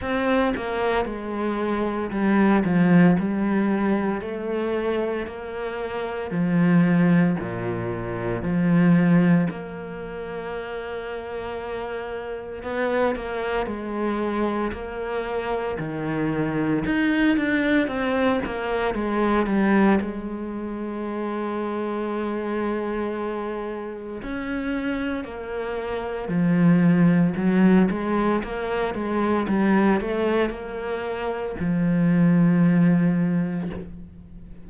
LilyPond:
\new Staff \with { instrumentName = "cello" } { \time 4/4 \tempo 4 = 57 c'8 ais8 gis4 g8 f8 g4 | a4 ais4 f4 ais,4 | f4 ais2. | b8 ais8 gis4 ais4 dis4 |
dis'8 d'8 c'8 ais8 gis8 g8 gis4~ | gis2. cis'4 | ais4 f4 fis8 gis8 ais8 gis8 | g8 a8 ais4 f2 | }